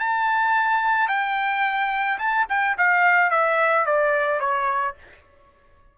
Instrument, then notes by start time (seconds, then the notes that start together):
trumpet
0.00 A5
1.08 G5
2.19 A5
2.49 G5
2.78 F5
3.31 E5
3.86 D5
4.40 C#5